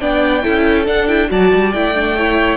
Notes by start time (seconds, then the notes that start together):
0.00 B3 D4 D5 G5
0.42 C#4 E4 A4
0.86 D4 F#5
1.08 E4 G5
1.28 F#3 F#4 D5 A5
1.54 G3
1.72 A3 E4 G5
1.95 D4
2.16 E4 C#5